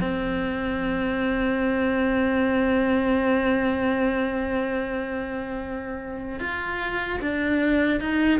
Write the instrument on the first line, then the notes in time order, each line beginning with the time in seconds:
cello
0.00 C4
6.39 F4
7.21 D4
8.00 D#4